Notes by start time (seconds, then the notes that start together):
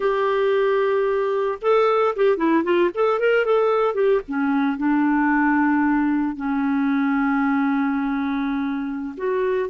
0.00 G4
1.61 A4
2.16 G4
2.37 E4
2.64 F4
2.94 A4
3.19 A#4
3.45 A4
3.94 G4
4.27 C#4
4.77 D4
6.36 C#4
9.17 F#4